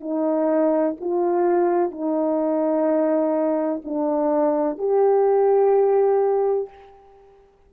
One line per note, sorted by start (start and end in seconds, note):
0.00 0.95 D#4
1.00 1.91 F4
1.91 3.81 D#4
3.84 4.78 D4
4.78 6.68 G4